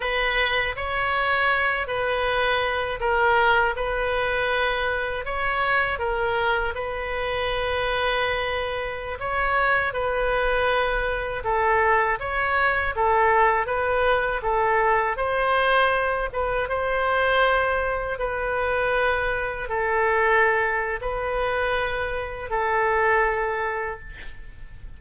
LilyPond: \new Staff \with { instrumentName = "oboe" } { \time 4/4 \tempo 4 = 80 b'4 cis''4. b'4. | ais'4 b'2 cis''4 | ais'4 b'2.~ | b'16 cis''4 b'2 a'8.~ |
a'16 cis''4 a'4 b'4 a'8.~ | a'16 c''4. b'8 c''4.~ c''16~ | c''16 b'2 a'4.~ a'16 | b'2 a'2 | }